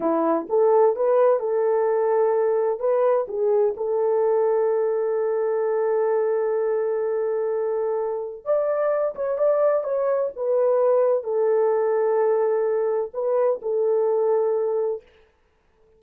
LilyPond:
\new Staff \with { instrumentName = "horn" } { \time 4/4 \tempo 4 = 128 e'4 a'4 b'4 a'4~ | a'2 b'4 gis'4 | a'1~ | a'1~ |
a'2 d''4. cis''8 | d''4 cis''4 b'2 | a'1 | b'4 a'2. | }